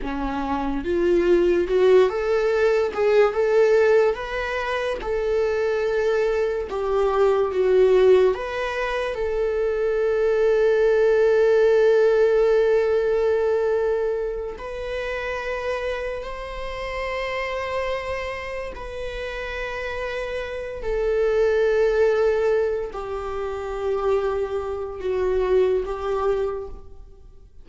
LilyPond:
\new Staff \with { instrumentName = "viola" } { \time 4/4 \tempo 4 = 72 cis'4 f'4 fis'8 a'4 gis'8 | a'4 b'4 a'2 | g'4 fis'4 b'4 a'4~ | a'1~ |
a'4. b'2 c''8~ | c''2~ c''8 b'4.~ | b'4 a'2~ a'8 g'8~ | g'2 fis'4 g'4 | }